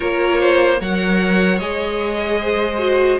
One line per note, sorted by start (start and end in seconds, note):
0.00 0.81 A#3
0.00 0.78 F4
0.00 0.40 A#4
0.00 0.78 C#5
0.40 0.80 C5
0.80 1.59 F#3
0.80 1.60 A#4
0.80 2.40 C#5
0.80 1.58 F#5
1.58 3.19 G#3
1.58 2.78 G#4
1.58 3.18 D#5
2.40 3.19 C5
2.78 3.18 F#4